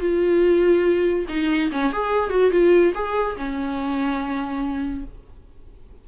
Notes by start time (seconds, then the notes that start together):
0.00 F4
1.29 D#4
1.72 C#4
1.93 G#4
2.30 F#4
2.51 F4
2.94 G#4
3.36 C#4